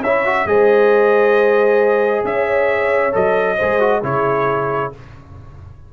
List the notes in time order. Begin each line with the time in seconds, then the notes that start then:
0.00 C#4 E4 C#5 E5
0.25 F#4
0.45 G#3 G#4 C5 D#5
2.24 C#4 C#5 E5
3.12 F#3 A4 D#5
3.56 G#3 G#4 C5
3.80 F#4
4.03 C#3 E4 G#4 C#5